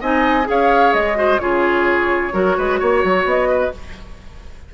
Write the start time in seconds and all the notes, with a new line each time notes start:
0.00 C4 D#4 D#5 G#5
0.44 C#4 G#4 F5
0.50 C#5
0.93 G#3 D#5
1.14 F#4 C5
1.38 C#3 F4 G#4 C#5
2.32 F#3 F#4 A#4
2.57 G#3 B4
2.79 A#3 C#5
3.04 F#3
3.24 B3 D#5
3.49 B4